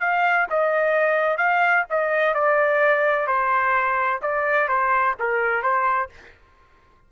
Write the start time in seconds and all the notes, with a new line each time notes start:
0.00 F5
0.49 D#5
1.38 F5
1.90 D#5
2.34 D5
3.27 C5
4.22 D5
4.68 C5
5.19 A#4
5.62 C5